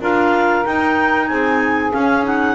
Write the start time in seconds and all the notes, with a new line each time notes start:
0.00 D4 F4 A#4 F5
0.65 D#4 G5
1.28 C4 G#4 G#5
1.92 C#4 F5
2.23 D#4 F#5